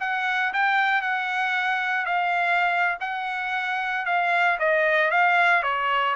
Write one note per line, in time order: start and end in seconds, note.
0.00 0.53 F#5
0.53 1.01 G5
1.01 2.06 F#5
2.06 2.98 F5
3.00 4.06 F#5
4.06 4.58 F5
4.59 5.11 D#5
5.11 5.63 F5
5.63 6.15 C#5